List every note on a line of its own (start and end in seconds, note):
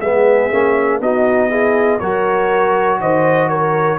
0.00 0.50 G#3
0.00 0.51 B3
0.00 1.02 G#4
0.00 1.01 E5
0.51 1.01 A#3
0.51 1.01 C#4
1.01 2.01 B3
1.01 1.51 D#4
1.01 1.50 F#4
1.01 2.00 D#5
1.50 2.01 E4
1.50 2.00 G#4
2.00 3.00 F#3
2.00 3.99 F#4
2.00 3.00 A#4
2.00 3.00 C#5
3.00 3.99 D#3
3.00 3.50 C5
3.00 3.49 D#5
3.49 3.99 A#4
3.49 3.99 C#5